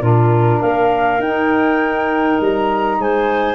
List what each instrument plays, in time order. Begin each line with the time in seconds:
0.00 tuba A#2, saxophone D4, clarinet F4, flute A#4
0.60 tuba A#3, clarinet A#4, flute F5
1.19 tuba D#4, saxophone D#4, flute G5
2.40 tuba G3, flute A#5
2.99 tuba G#3, clarinet C5, flute G#5